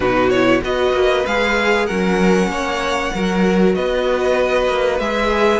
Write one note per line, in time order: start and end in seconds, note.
0.00 0.60 B2
0.00 0.31 D#4
0.00 0.62 F#4
0.00 0.30 B4
0.30 0.61 E4
0.30 0.61 C#5
0.61 0.93 B3
0.61 1.24 F#4
0.61 1.86 B4
0.61 1.26 D#5
0.93 1.24 A#3
1.26 1.89 G#3
1.26 1.89 G#4
1.26 1.86 F5
1.86 2.47 F#3
1.86 3.14 C#4
1.86 2.48 A#4
1.86 3.74 F#5
2.47 3.10 A#3
2.47 3.13 C#5
3.14 3.76 F#3
3.14 5.01 F#4
3.14 3.75 A#4
3.74 4.68 B3
3.74 5.60 B4
3.74 4.99 D#5
4.68 4.99 A#3
4.99 5.60 G#3
4.99 5.60 G#4
4.99 5.60 E5